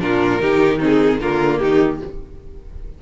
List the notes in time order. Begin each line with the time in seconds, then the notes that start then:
0.00 A#2 D4 F4 A#4
0.40 D#3 D#4 G4
0.79 C4 D#4 G#4
1.21 D3 A#3 F4 A#4
1.59 D#3 D#4 G4